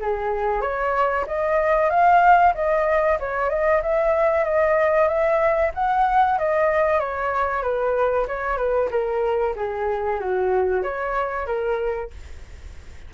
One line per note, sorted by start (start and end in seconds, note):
0.00 0.61 G#4
0.61 1.25 C#5
1.27 1.90 D#5
1.90 2.54 F5
2.55 3.19 D#5
3.19 3.50 C#5
3.50 3.82 D#5
3.82 4.45 E5
4.45 5.08 D#5
5.08 5.72 E5
5.74 6.38 F#5
6.39 7.00 D#5
7.00 7.62 C#5
7.62 8.26 B4
8.28 8.57 C#5
8.57 8.89 B4
8.91 9.55 A#4
9.56 10.20 G#4
10.20 10.83 F#4
10.83 11.47 C#5
11.47 12.10 A#4